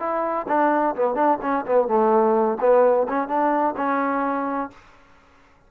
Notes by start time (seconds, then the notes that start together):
0.00 E4
0.48 D4
0.96 B3
1.15 D4
1.42 C#4
1.66 B3
1.88 A3
2.61 B3
3.09 C#4
3.28 D4
3.77 C#4